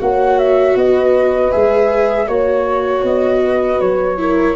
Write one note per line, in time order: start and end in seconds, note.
0.00 0.76 A#3
0.00 1.52 F#4
0.00 0.78 C#5
0.00 0.39 F#5
0.39 0.77 E5
0.76 1.52 B3
0.76 2.28 B4
0.76 1.52 D#5
1.52 2.28 G#3
1.52 2.28 G#4
1.52 2.28 E5
2.28 3.03 A#3
2.28 4.18 F#4
2.28 3.04 C#5
2.28 3.42 C#5
3.03 3.79 B3
3.03 3.81 D#5
3.43 4.19 B4
3.81 4.56 F#3
3.81 4.56 C#5
4.18 4.56 E4
4.18 4.56 A#4